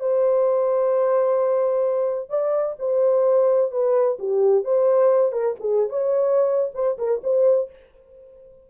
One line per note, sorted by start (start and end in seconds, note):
0.00 2.29 C5
2.29 2.76 D5
2.79 3.71 C5
3.71 4.18 B4
4.19 4.64 G4
4.64 5.32 C5
5.32 5.56 A#4
5.60 5.89 G#4
5.89 6.71 C#5
6.74 6.97 C5
6.98 7.21 A#4
7.23 7.70 C5